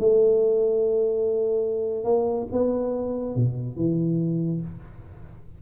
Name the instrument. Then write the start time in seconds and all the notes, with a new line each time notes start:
tuba
0.00 A3
2.04 A#3
2.52 B3
3.36 B2
3.76 E3